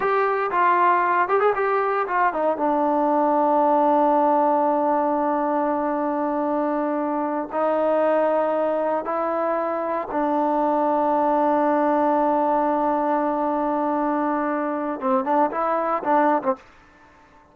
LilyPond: \new Staff \with { instrumentName = "trombone" } { \time 4/4 \tempo 4 = 116 g'4 f'4. g'16 gis'16 g'4 | f'8 dis'8 d'2.~ | d'1~ | d'2~ d'8 dis'4.~ |
dis'4. e'2 d'8~ | d'1~ | d'1~ | d'4 c'8 d'8 e'4 d'8. c'16 | }